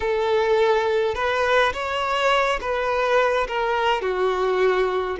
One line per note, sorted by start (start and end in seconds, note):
0.00 1.14 A4
1.15 1.72 B4
1.73 2.59 C#5
2.60 3.47 B4
3.47 4.01 A#4
4.01 5.17 F#4